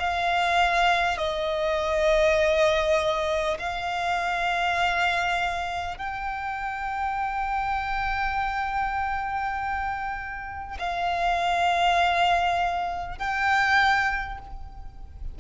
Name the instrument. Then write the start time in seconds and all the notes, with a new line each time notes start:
violin
0.00 F5
1.18 D#5
3.59 F5
5.98 G5
10.79 F5
13.19 G5